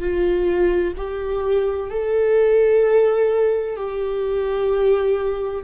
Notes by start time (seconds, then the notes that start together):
0.00 F4
0.97 G4
1.90 A4
3.77 G4